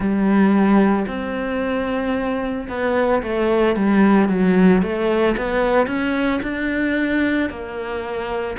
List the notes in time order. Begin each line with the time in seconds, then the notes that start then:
0.00 G3
1.07 C4
2.68 B3
3.22 A3
3.75 G3
4.29 F#3
4.82 A3
5.37 B3
5.86 C#4
6.42 D4
7.50 A#3